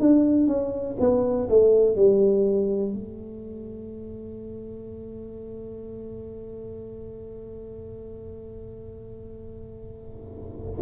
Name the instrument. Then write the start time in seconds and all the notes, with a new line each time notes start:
tuba
0.00 D4
0.47 C#4
1.00 B3
1.49 A3
1.96 G3
2.93 A3